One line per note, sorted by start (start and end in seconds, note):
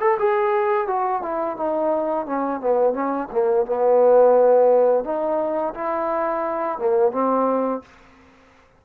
0.00 0.17 A4
0.19 0.87 G#4
0.87 1.22 F#4
1.22 1.56 E4
1.56 2.26 D#4
2.26 2.60 C#4
2.60 2.93 B3
2.93 3.28 C#4
3.31 3.65 A#3
3.65 5.04 B3
5.04 5.73 D#4
5.74 6.78 E4
6.78 7.12 A#3
7.12 7.81 C4